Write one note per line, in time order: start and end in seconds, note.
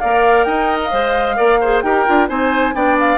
0.00 0.46 A#3
0.00 0.92 A#4
0.00 0.47 D5
0.00 0.44 F5
0.44 0.92 D#4
0.44 1.37 D#5
0.44 0.78 G5
0.84 1.82 F5
0.92 1.39 G#3
0.92 1.37 C5
1.37 1.83 A#3
1.37 1.59 A#4
1.37 1.60 D5
1.61 1.84 G#4
1.61 1.84 C5
1.82 2.06 D#4
1.82 2.06 G4
1.82 2.29 A#4
1.82 2.28 G5
2.06 2.30 D4
2.06 2.29 F4
2.29 2.75 C4
2.29 2.74 D#4
2.29 2.75 C5
2.29 2.75 G#5
2.74 3.18 B3
2.74 3.18 D4
2.74 3.18 D5
2.74 2.98 G5
3.00 3.18 F5